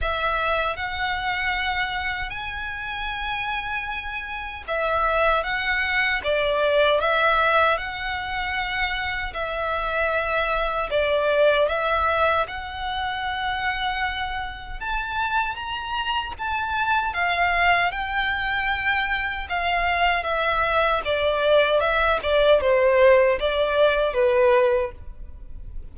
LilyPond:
\new Staff \with { instrumentName = "violin" } { \time 4/4 \tempo 4 = 77 e''4 fis''2 gis''4~ | gis''2 e''4 fis''4 | d''4 e''4 fis''2 | e''2 d''4 e''4 |
fis''2. a''4 | ais''4 a''4 f''4 g''4~ | g''4 f''4 e''4 d''4 | e''8 d''8 c''4 d''4 b'4 | }